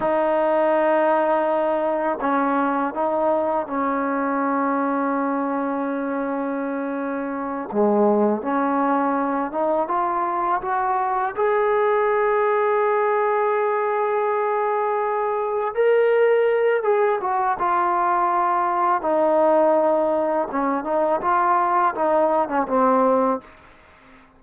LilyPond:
\new Staff \with { instrumentName = "trombone" } { \time 4/4 \tempo 4 = 82 dis'2. cis'4 | dis'4 cis'2.~ | cis'2~ cis'8 gis4 cis'8~ | cis'4 dis'8 f'4 fis'4 gis'8~ |
gis'1~ | gis'4. ais'4. gis'8 fis'8 | f'2 dis'2 | cis'8 dis'8 f'4 dis'8. cis'16 c'4 | }